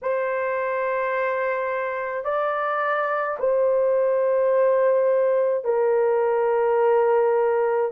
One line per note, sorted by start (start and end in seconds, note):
0.02 2.24 C5
2.24 3.37 D5
3.39 5.64 C5
5.64 7.90 A#4